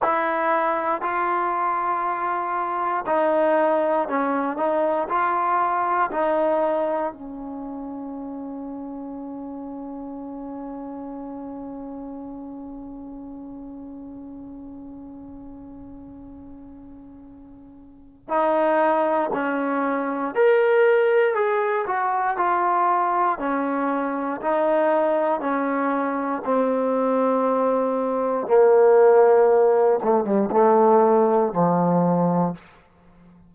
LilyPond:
\new Staff \with { instrumentName = "trombone" } { \time 4/4 \tempo 4 = 59 e'4 f'2 dis'4 | cis'8 dis'8 f'4 dis'4 cis'4~ | cis'1~ | cis'1~ |
cis'2 dis'4 cis'4 | ais'4 gis'8 fis'8 f'4 cis'4 | dis'4 cis'4 c'2 | ais4. a16 g16 a4 f4 | }